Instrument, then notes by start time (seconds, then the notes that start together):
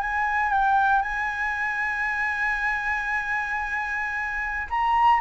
flute
0.00 G#5
0.52 G5
1.02 G#5
4.70 A#5